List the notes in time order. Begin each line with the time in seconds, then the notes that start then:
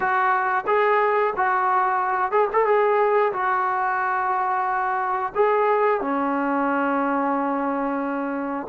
0.00 F#4
0.66 G#4
1.36 F#4
2.31 G#4
2.52 A4
2.65 G#4
3.32 F#4
5.35 G#4
6.00 C#4